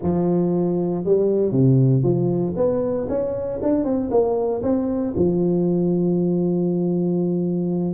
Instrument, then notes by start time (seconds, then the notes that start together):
tuba
0.02 F3
1.04 G3
1.51 C3
2.03 F3
2.56 B3
3.08 C#4
3.62 D4
3.84 C4
4.10 A#3
4.62 C4
5.16 F3